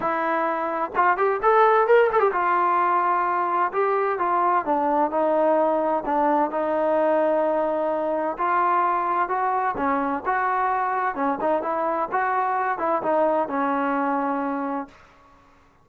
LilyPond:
\new Staff \with { instrumentName = "trombone" } { \time 4/4 \tempo 4 = 129 e'2 f'8 g'8 a'4 | ais'8 a'16 g'16 f'2. | g'4 f'4 d'4 dis'4~ | dis'4 d'4 dis'2~ |
dis'2 f'2 | fis'4 cis'4 fis'2 | cis'8 dis'8 e'4 fis'4. e'8 | dis'4 cis'2. | }